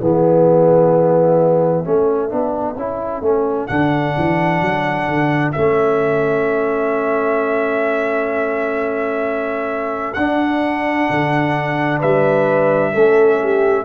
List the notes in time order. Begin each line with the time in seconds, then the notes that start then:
0.00 E3 B3 G#4 E5
1.84 A3 C#4 A4
2.29 B3 D4
2.76 C#4 E4
3.21 A3 C#4
3.67 D3 D4 F#5
4.17 E3
4.62 F#3
5.08 D3
5.52 A3 C#4 E5
10.14 D4 F#5
11.10 D3
11.99 G3 B4 E5
12.93 A3 C#4 A4
13.42 G4